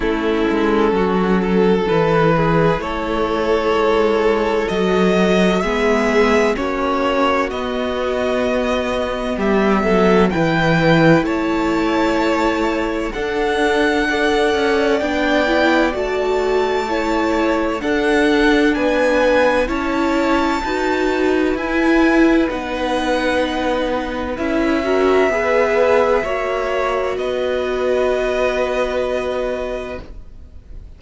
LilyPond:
<<
  \new Staff \with { instrumentName = "violin" } { \time 4/4 \tempo 4 = 64 a'2 b'4 cis''4~ | cis''4 dis''4 e''4 cis''4 | dis''2 e''4 g''4 | a''2 fis''2 |
g''4 a''2 fis''4 | gis''4 a''2 gis''4 | fis''2 e''2~ | e''4 dis''2. | }
  \new Staff \with { instrumentName = "violin" } { \time 4/4 e'4 fis'8 a'4 gis'8 a'4~ | a'2 gis'4 fis'4~ | fis'2 g'8 a'8 b'4 | cis''2 a'4 d''4~ |
d''2 cis''4 a'4 | b'4 cis''4 b'2~ | b'2~ b'8 ais'8 b'4 | cis''4 b'2. | }
  \new Staff \with { instrumentName = "viola" } { \time 4/4 cis'2 e'2~ | e'4 fis'4 b4 cis'4 | b2. e'4~ | e'2 d'4 a'4 |
d'8 e'8 fis'4 e'4 d'4~ | d'4 e'4 fis'4 e'4 | dis'2 e'8 fis'8 gis'4 | fis'1 | }
  \new Staff \with { instrumentName = "cello" } { \time 4/4 a8 gis8 fis4 e4 a4 | gis4 fis4 gis4 ais4 | b2 g8 fis8 e4 | a2 d'4. cis'8 |
b4 a2 d'4 | b4 cis'4 dis'4 e'4 | b2 cis'4 b4 | ais4 b2. | }
>>